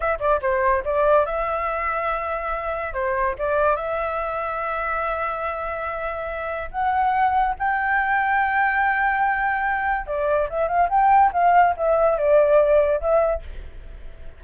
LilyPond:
\new Staff \with { instrumentName = "flute" } { \time 4/4 \tempo 4 = 143 e''8 d''8 c''4 d''4 e''4~ | e''2. c''4 | d''4 e''2.~ | e''1 |
fis''2 g''2~ | g''1 | d''4 e''8 f''8 g''4 f''4 | e''4 d''2 e''4 | }